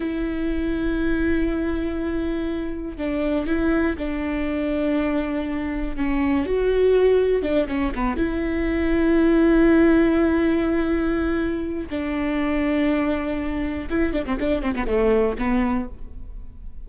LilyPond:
\new Staff \with { instrumentName = "viola" } { \time 4/4 \tempo 4 = 121 e'1~ | e'2 d'4 e'4 | d'1 | cis'4 fis'2 d'8 cis'8 |
b8 e'2.~ e'8~ | e'1 | d'1 | e'8 d'16 c'16 d'8 c'16 b16 a4 b4 | }